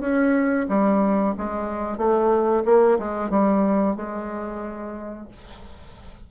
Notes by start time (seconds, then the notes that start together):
0.00 C#4
0.68 G3
1.37 G#3
1.97 A3
2.65 A#3
2.98 G#3
3.30 G3
3.96 G#3